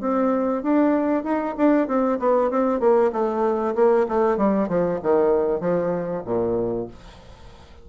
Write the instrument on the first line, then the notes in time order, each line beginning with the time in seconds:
bassoon
0.00 C4
0.62 D4
1.23 D#4
1.57 D4
1.88 C4
2.19 B3
2.50 C4
2.80 A#3
3.12 A3
3.75 A#3
4.08 A3
4.37 G3
4.68 F3
5.03 D#3
5.60 F3
6.25 A#2